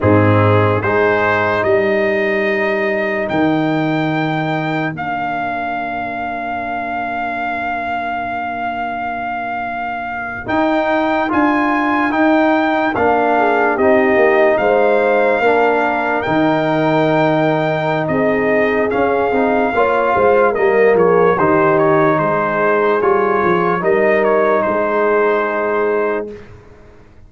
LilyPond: <<
  \new Staff \with { instrumentName = "trumpet" } { \time 4/4 \tempo 4 = 73 gis'4 c''4 dis''2 | g''2 f''2~ | f''1~ | f''8. g''4 gis''4 g''4 f''16~ |
f''8. dis''4 f''2 g''16~ | g''2 dis''4 f''4~ | f''4 dis''8 cis''8 c''8 cis''8 c''4 | cis''4 dis''8 cis''8 c''2 | }
  \new Staff \with { instrumentName = "horn" } { \time 4/4 dis'4 gis'4 ais'2~ | ais'1~ | ais'1~ | ais'1~ |
ais'16 gis'8 g'4 c''4 ais'4~ ais'16~ | ais'2 gis'2 | cis''8 c''8 ais'8 gis'8 g'4 gis'4~ | gis'4 ais'4 gis'2 | }
  \new Staff \with { instrumentName = "trombone" } { \time 4/4 c'4 dis'2.~ | dis'2 d'2~ | d'1~ | d'8. dis'4 f'4 dis'4 d'16~ |
d'8. dis'2 d'4 dis'16~ | dis'2. cis'8 dis'8 | f'4 ais4 dis'2 | f'4 dis'2. | }
  \new Staff \with { instrumentName = "tuba" } { \time 4/4 gis,4 gis4 g2 | dis2 ais2~ | ais1~ | ais8. dis'4 d'4 dis'4 ais16~ |
ais8. c'8 ais8 gis4 ais4 dis16~ | dis2 c'4 cis'8 c'8 | ais8 gis8 g8 f8 dis4 gis4 | g8 f8 g4 gis2 | }
>>